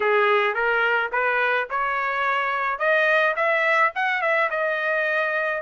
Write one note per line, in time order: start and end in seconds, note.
0.00 0.54 G#4
0.54 1.10 A#4
1.12 1.68 B4
1.70 2.78 C#5
2.78 3.34 D#5
3.35 3.92 E5
3.95 4.21 F#5
4.21 4.49 E5
4.50 5.62 D#5